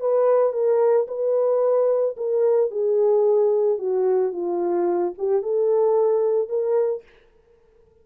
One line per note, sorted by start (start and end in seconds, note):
0.00 0.53 B4
0.53 1.07 A#4
1.08 2.16 B4
2.17 2.71 A#4
2.71 3.78 G#4
3.78 4.32 F#4
4.32 5.14 F4
5.18 5.43 G4
5.43 6.49 A4
6.49 7.03 A#4